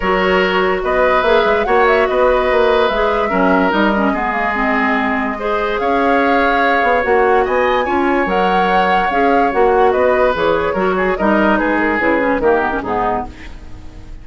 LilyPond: <<
  \new Staff \with { instrumentName = "flute" } { \time 4/4 \tempo 4 = 145 cis''2 dis''4 e''4 | fis''8 e''8 dis''2 e''4~ | e''4 dis''2.~ | dis''2 f''2~ |
f''4 fis''4 gis''2 | fis''2 f''4 fis''4 | dis''4 cis''2 dis''4 | b'8 ais'8 b'4 ais'4 gis'4 | }
  \new Staff \with { instrumentName = "oboe" } { \time 4/4 ais'2 b'2 | cis''4 b'2. | ais'2 gis'2~ | gis'4 c''4 cis''2~ |
cis''2 dis''4 cis''4~ | cis''1 | b'2 ais'8 gis'8 ais'4 | gis'2 g'4 dis'4 | }
  \new Staff \with { instrumentName = "clarinet" } { \time 4/4 fis'2. gis'4 | fis'2. gis'4 | cis'4 dis'8 cis'8 b8 ais8 c'4~ | c'4 gis'2.~ |
gis'4 fis'2 f'4 | ais'2 gis'4 fis'4~ | fis'4 gis'4 fis'4 dis'4~ | dis'4 e'8 cis'8 ais8 b16 cis'16 b4 | }
  \new Staff \with { instrumentName = "bassoon" } { \time 4/4 fis2 b4 ais8 gis8 | ais4 b4 ais4 gis4 | fis4 g4 gis2~ | gis2 cis'2~ |
cis'8 b8 ais4 b4 cis'4 | fis2 cis'4 ais4 | b4 e4 fis4 g4 | gis4 cis4 dis4 gis,4 | }
>>